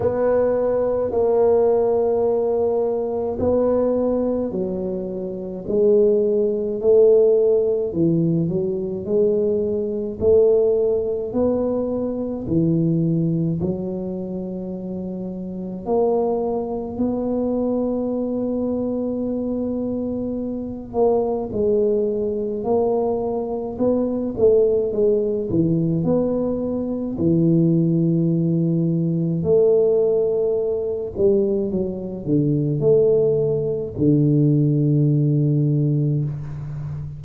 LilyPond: \new Staff \with { instrumentName = "tuba" } { \time 4/4 \tempo 4 = 53 b4 ais2 b4 | fis4 gis4 a4 e8 fis8 | gis4 a4 b4 e4 | fis2 ais4 b4~ |
b2~ b8 ais8 gis4 | ais4 b8 a8 gis8 e8 b4 | e2 a4. g8 | fis8 d8 a4 d2 | }